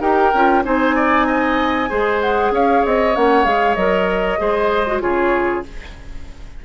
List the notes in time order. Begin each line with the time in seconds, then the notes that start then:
0.00 D#4 G4 A#4 G5
0.33 C#4 F4
0.64 C4 D#4 C5 G#5
0.95 D5
1.26 D#5
1.89 G#3 G#4 C5
2.21 F#5
2.51 C#4 C#5 F5
2.85 C4 D#5
3.13 A#3 C#4 F#5
3.44 G#3 G#4 F5
3.74 F#3 A#4 D#5
4.38 G#3 G#4 C5
4.86 F#4
5.00 C#3 F4 G#4 C#5